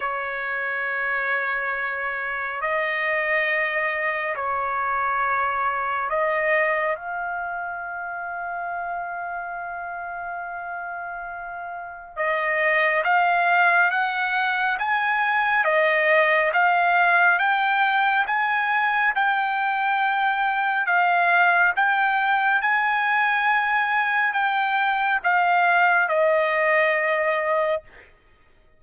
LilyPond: \new Staff \with { instrumentName = "trumpet" } { \time 4/4 \tempo 4 = 69 cis''2. dis''4~ | dis''4 cis''2 dis''4 | f''1~ | f''2 dis''4 f''4 |
fis''4 gis''4 dis''4 f''4 | g''4 gis''4 g''2 | f''4 g''4 gis''2 | g''4 f''4 dis''2 | }